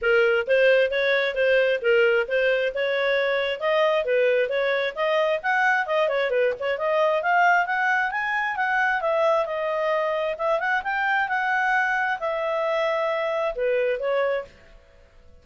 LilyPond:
\new Staff \with { instrumentName = "clarinet" } { \time 4/4 \tempo 4 = 133 ais'4 c''4 cis''4 c''4 | ais'4 c''4 cis''2 | dis''4 b'4 cis''4 dis''4 | fis''4 dis''8 cis''8 b'8 cis''8 dis''4 |
f''4 fis''4 gis''4 fis''4 | e''4 dis''2 e''8 fis''8 | g''4 fis''2 e''4~ | e''2 b'4 cis''4 | }